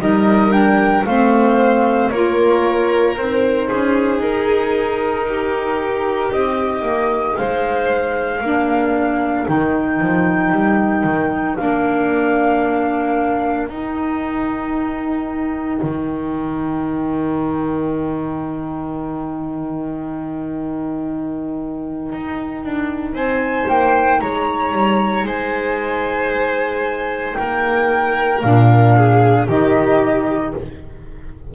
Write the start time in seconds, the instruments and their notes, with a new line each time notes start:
0.00 double bass G3, saxophone D#4, violin A#4, flute D#5
0.51 saxophone D4, flute G5
1.06 double bass A3, saxophone C4, violin C5, flute F5
2.10 double bass A#3, saxophone F4, violin A#4, flute C#5
3.17 double bass C4, saxophone D#4, flute C5
3.68 double bass C#4, violin G#4
4.20 double bass D#4, flute A#4
5.29 violin G4
6.32 double bass C4, flute D#5
6.82 double bass A#3
7.37 double bass G#3, violin C5, flute F5
8.41 double bass A#3, saxophone D4, violin A#4
9.47 double bass D#3, saxophone D#4, flute G5
10.01 double bass F3
10.53 double bass G3
11.04 double bass D#3
11.57 double bass A#3, saxophone D4, flute F5
13.68 double bass D#4, saxophone D#4, flute G5
15.82 double bass D#3
22.13 double bass D#4
22.64 double bass D4
23.13 double bass C4, violin C5, flute G#5
23.69 double bass A#3, flute G5
24.21 double bass G#3, violin C#5, flute A#5
24.73 double bass G3
25.25 double bass G#3, violin C5, flute G#5
27.35 double bass A#3, violin A#4, flute G5
28.43 double bass A#2, saxophone D4, flute F5
28.97 violin G#4
29.48 double bass D#3, saxophone D#4, violin G4, flute D#5